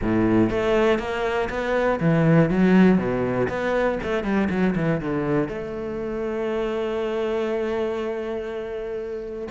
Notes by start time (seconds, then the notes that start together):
0.02 A2
0.50 A3
0.98 A#3
1.49 B3
2.00 E3
2.50 F#3
2.97 B2
3.48 B3
4.03 A3
4.23 G3
4.50 F#3
4.75 E3
5.00 D3
5.48 A3